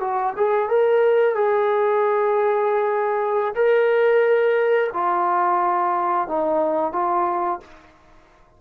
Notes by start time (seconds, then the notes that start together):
0.00 F#4
0.36 G#4
0.69 A#4
1.35 G#4
3.55 A#4
4.93 F4
6.28 D#4
6.93 F4